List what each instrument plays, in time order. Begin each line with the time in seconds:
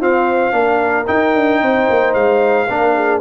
0.00 trombone C4, tuba F4, horn C5, trumpet F5
0.51 tuba A#3, trombone D4, horn A#4
1.07 trombone D#4, tuba D#4, trumpet G5
1.35 tuba D4
1.61 tuba C4, horn C5
1.90 tuba A#3
2.13 tuba G#3, trumpet F5
2.67 tuba A#3, trombone D4, horn A#4
2.95 horn G#4